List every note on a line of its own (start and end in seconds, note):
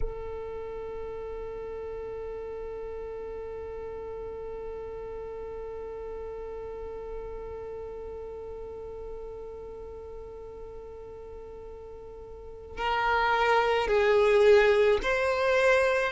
0.00 12.77 A4
12.77 13.87 A#4
13.87 14.98 G#4
15.02 16.12 C5